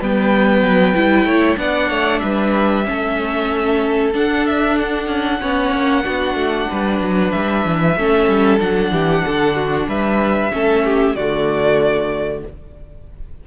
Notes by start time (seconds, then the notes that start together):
0.00 G3 B3 B4 G5
0.62 F#3
0.95 G3 E4
1.25 A3 C#5
1.57 B3 D4 D5 F#5
1.89 A3 C#5
2.20 G3 B4 E5
2.85 A3 C#4 A4
4.14 D4 F#5
4.47 E5
4.80 F#5
5.07 C#4
5.41 B3 C#4 C#5
5.73 A#3
6.04 B3 D4 F#4
6.35 A3
6.71 G3 B4
7.01 F#3
7.31 G3 E5
7.65 E3
7.97 A3 C#4 A4
8.29 G3
8.59 F#3 D4 F#5
8.92 E3 G4
9.25 D3 A4
9.56 F#4
9.88 G3 B4 E5
10.52 A3 C#4 A4
10.85 G4
11.16 D3 A3 F#4 D5